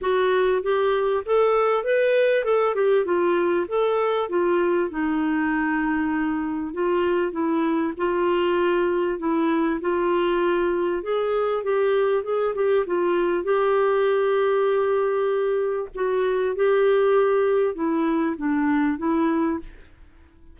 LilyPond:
\new Staff \with { instrumentName = "clarinet" } { \time 4/4 \tempo 4 = 98 fis'4 g'4 a'4 b'4 | a'8 g'8 f'4 a'4 f'4 | dis'2. f'4 | e'4 f'2 e'4 |
f'2 gis'4 g'4 | gis'8 g'8 f'4 g'2~ | g'2 fis'4 g'4~ | g'4 e'4 d'4 e'4 | }